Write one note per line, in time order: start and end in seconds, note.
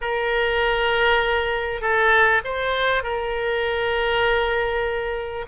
0.01 1.81 A#4
1.81 2.41 A4
2.44 3.03 C5
3.03 5.45 A#4